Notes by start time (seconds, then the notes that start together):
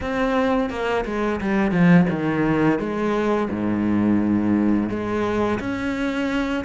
0.00 C4
0.70 A#3
1.05 G#3
1.40 G3
1.71 F3
2.10 D#3
2.79 G#3
3.50 G#2
4.89 G#3
5.59 C#4